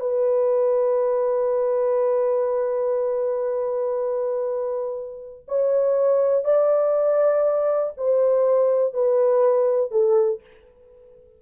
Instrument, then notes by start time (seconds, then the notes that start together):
horn
0.00 B4
5.48 C#5
6.45 D5
7.97 C5
8.94 B4
9.91 A4